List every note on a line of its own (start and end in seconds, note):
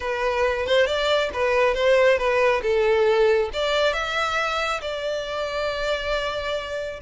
0.00 0.66 B4
0.66 0.86 C5
0.86 1.30 D5
1.33 1.74 B4
1.74 2.18 C5
2.18 2.61 B4
2.62 3.50 A4
3.53 3.93 D5
3.93 4.81 E5
4.81 7.00 D5